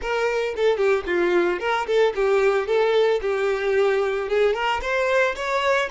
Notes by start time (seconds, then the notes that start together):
0.01 A#4
0.56 A4
0.77 G4
1.06 F4
1.59 A#4
1.86 A4
2.15 G4
2.66 A4
3.21 G4
4.28 G#4
4.54 A#4
4.81 C5
5.35 C#5